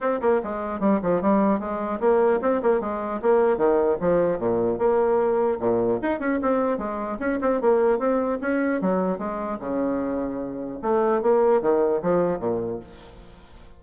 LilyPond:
\new Staff \with { instrumentName = "bassoon" } { \time 4/4 \tempo 4 = 150 c'8 ais8 gis4 g8 f8 g4 | gis4 ais4 c'8 ais8 gis4 | ais4 dis4 f4 ais,4 | ais2 ais,4 dis'8 cis'8 |
c'4 gis4 cis'8 c'8 ais4 | c'4 cis'4 fis4 gis4 | cis2. a4 | ais4 dis4 f4 ais,4 | }